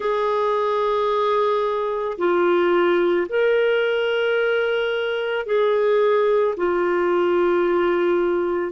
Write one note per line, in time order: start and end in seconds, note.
0.00 2.17 G#4
2.18 3.27 F4
3.28 5.45 A#4
5.45 6.55 G#4
6.57 8.72 F4